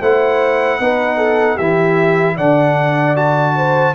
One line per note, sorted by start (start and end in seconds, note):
0.00 0.79 A3
0.00 0.80 E4
0.00 0.79 C5
0.00 1.57 F#5
0.79 1.58 B3
0.79 1.59 D#4
0.79 1.17 B4
1.17 1.56 A4
1.56 2.37 E3
1.56 2.38 E4
1.56 2.35 G4
1.56 2.36 E5
2.36 3.94 D3
2.36 3.15 D4
2.36 3.55 D5
2.36 3.16 F#5
3.15 3.94 F#4
3.15 3.94 A5
3.56 3.94 C5